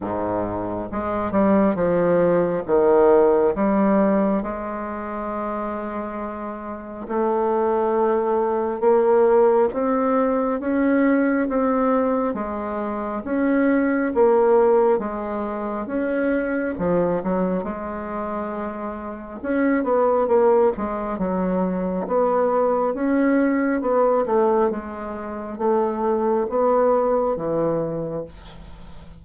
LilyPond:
\new Staff \with { instrumentName = "bassoon" } { \time 4/4 \tempo 4 = 68 gis,4 gis8 g8 f4 dis4 | g4 gis2. | a2 ais4 c'4 | cis'4 c'4 gis4 cis'4 |
ais4 gis4 cis'4 f8 fis8 | gis2 cis'8 b8 ais8 gis8 | fis4 b4 cis'4 b8 a8 | gis4 a4 b4 e4 | }